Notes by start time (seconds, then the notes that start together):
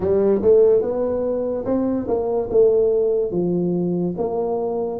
0.00 G3
0.42 A3
0.81 B3
1.65 C4
2.07 A#3
2.50 A3
3.31 F3
4.17 A#3